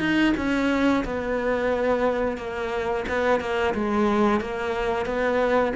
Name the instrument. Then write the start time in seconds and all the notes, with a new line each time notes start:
cello
0.00 D#4
0.37 C#4
1.05 B3
2.38 A#3
3.09 B3
3.40 A#3
3.75 G#3
4.41 A#3
5.06 B3